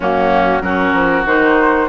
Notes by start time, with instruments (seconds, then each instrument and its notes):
0.00 bassoon F#2, clarinet A#3, oboe C#4, flute F#4
0.61 bassoon F#3, clarinet C#4, oboe F#4, flute A#4
0.93 bassoon F3
1.25 bassoon D#3, clarinet D#4, flute C5